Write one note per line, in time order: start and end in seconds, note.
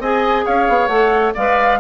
0.00 0.44 C4
0.00 0.90 G#4
0.00 0.45 D#5
0.00 0.46 G#5
0.46 0.69 C#4
0.46 1.34 C#5
0.46 0.88 F5
0.69 0.88 B3
0.88 1.33 A3
0.88 1.35 A4
0.88 1.32 F#5
1.34 1.80 G#3
1.34 1.80 B4
1.34 1.79 D5
1.34 1.80 F5